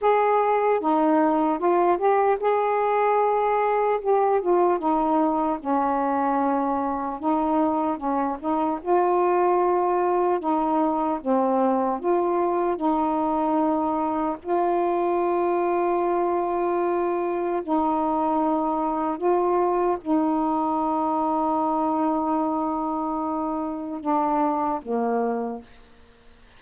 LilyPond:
\new Staff \with { instrumentName = "saxophone" } { \time 4/4 \tempo 4 = 75 gis'4 dis'4 f'8 g'8 gis'4~ | gis'4 g'8 f'8 dis'4 cis'4~ | cis'4 dis'4 cis'8 dis'8 f'4~ | f'4 dis'4 c'4 f'4 |
dis'2 f'2~ | f'2 dis'2 | f'4 dis'2.~ | dis'2 d'4 ais4 | }